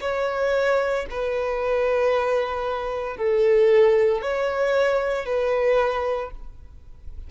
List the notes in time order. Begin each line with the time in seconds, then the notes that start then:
0.00 C#5
1.10 B4
3.17 A4
4.22 C#5
5.25 B4